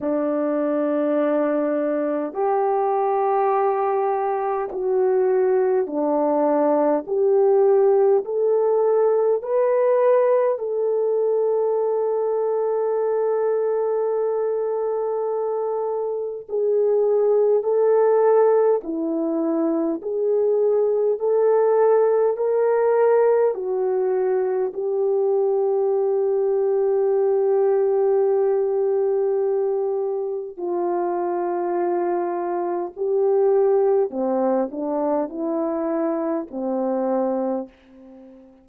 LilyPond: \new Staff \with { instrumentName = "horn" } { \time 4/4 \tempo 4 = 51 d'2 g'2 | fis'4 d'4 g'4 a'4 | b'4 a'2.~ | a'2 gis'4 a'4 |
e'4 gis'4 a'4 ais'4 | fis'4 g'2.~ | g'2 f'2 | g'4 c'8 d'8 e'4 c'4 | }